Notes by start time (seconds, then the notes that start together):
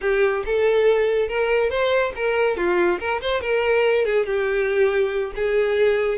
0.01 G4
0.45 A4
1.28 A#4
1.69 C5
2.15 A#4
2.56 F4
2.99 A#4
3.21 C5
3.41 A#4
4.05 G#4
4.26 G4
5.35 G#4